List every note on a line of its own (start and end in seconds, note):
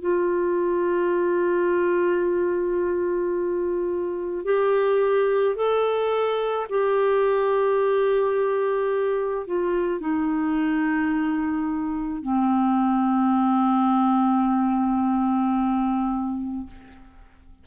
0.00 4.44 F4
4.44 5.56 G4
5.56 6.67 A4
6.69 9.46 G4
9.46 10.00 F4
10.00 12.22 D#4
12.22 16.67 C4